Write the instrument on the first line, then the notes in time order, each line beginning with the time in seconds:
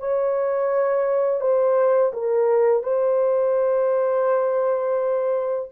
horn
0.00 C#5
1.41 C5
2.13 A#4
2.83 C5